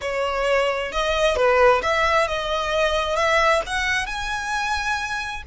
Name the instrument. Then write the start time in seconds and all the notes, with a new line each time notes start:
violin
0.01 C#5
0.92 D#5
1.36 B4
1.82 E5
2.27 D#5
3.16 E5
3.66 F#5
4.06 G#5